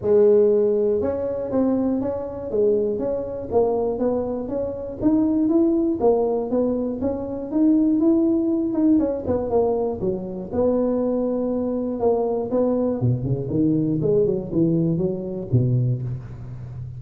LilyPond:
\new Staff \with { instrumentName = "tuba" } { \time 4/4 \tempo 4 = 120 gis2 cis'4 c'4 | cis'4 gis4 cis'4 ais4 | b4 cis'4 dis'4 e'4 | ais4 b4 cis'4 dis'4 |
e'4. dis'8 cis'8 b8 ais4 | fis4 b2. | ais4 b4 b,8 cis8 dis4 | gis8 fis8 e4 fis4 b,4 | }